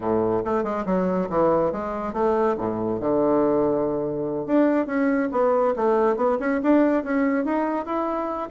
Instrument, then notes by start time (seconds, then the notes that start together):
bassoon
0.00 A2
0.44 A3
0.63 G#3
0.85 F#3
1.29 E3
1.72 G#3
2.13 A3
2.57 A2
2.99 D3
4.46 D4
4.86 C#4
5.31 B3
5.76 A3
6.16 B3
6.39 C#4
6.62 D4
7.03 C#4
7.44 D#4
7.85 E4